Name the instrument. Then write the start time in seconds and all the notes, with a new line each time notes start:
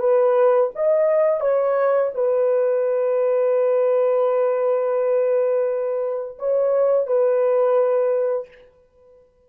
horn
0.00 B4
0.76 D#5
1.41 C#5
2.15 B4
6.39 C#5
7.07 B4